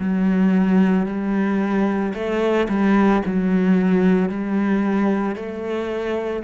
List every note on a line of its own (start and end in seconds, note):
0.00 1.07 F#3
1.07 2.14 G3
2.14 2.68 A3
2.69 3.22 G3
3.26 4.30 F#3
4.30 5.36 G3
5.36 6.43 A3